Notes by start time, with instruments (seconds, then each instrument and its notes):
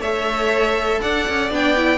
0.00 cello A3, viola A4, violin C#5 E5
1.01 cello D4, violin D5 F#5
1.28 cello C#4
1.51 cello B3, viola D4, violin G5
1.76 viola E4